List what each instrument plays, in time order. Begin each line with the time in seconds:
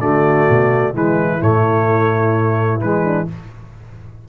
0.00 tuba D3, trombone A3, horn F#4, trumpet D5
0.50 tuba B2
0.94 tuba E3, trombone G#3, horn E4, trumpet B4
1.40 tuba A2, trombone A3, trumpet C#5
2.81 tuba E3, trombone G#3, trumpet B4
3.05 horn D4